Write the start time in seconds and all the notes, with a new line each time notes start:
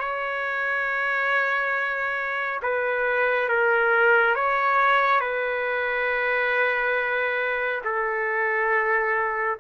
0.00 C#5
2.63 B4
3.49 A#4
4.36 C#5
5.21 B4
7.85 A4